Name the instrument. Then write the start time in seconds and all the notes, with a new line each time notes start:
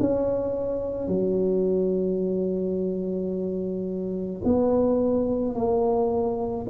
tuba
0.00 C#4
1.08 F#3
4.44 B3
5.55 A#3